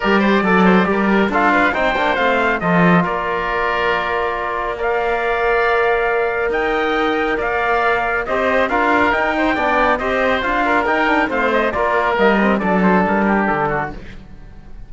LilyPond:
<<
  \new Staff \with { instrumentName = "trumpet" } { \time 4/4 \tempo 4 = 138 d''2. f''4 | g''4 f''4 dis''4 d''4~ | d''2. f''4~ | f''2. g''4~ |
g''4 f''2 dis''4 | f''4 g''2 dis''4 | f''4 g''4 f''8 dis''8 d''4 | dis''4 d''8 c''8 ais'4 a'4 | }
  \new Staff \with { instrumentName = "oboe" } { \time 4/4 ais'8 c''8 d''8 c''8 ais'4 a'8 b'8 | c''2 a'4 ais'4~ | ais'2. d''4~ | d''2. dis''4~ |
dis''4 d''2 c''4 | ais'4. c''8 d''4 c''4~ | c''8 ais'4. c''4 ais'4~ | ais'4 a'4. g'4 fis'8 | }
  \new Staff \with { instrumentName = "trombone" } { \time 4/4 g'4 a'4 g'4 f'4 | dis'8 d'8 c'4 f'2~ | f'2. ais'4~ | ais'1~ |
ais'2. g'4 | f'4 dis'4 d'4 g'4 | f'4 dis'8 d'8 c'4 f'4 | ais8 c'8 d'2. | }
  \new Staff \with { instrumentName = "cello" } { \time 4/4 g4 fis4 g4 d'4 | c'8 ais8 a4 f4 ais4~ | ais1~ | ais2. dis'4~ |
dis'4 ais2 c'4 | d'4 dis'4 b4 c'4 | d'4 dis'4 a4 ais4 | g4 fis4 g4 d4 | }
>>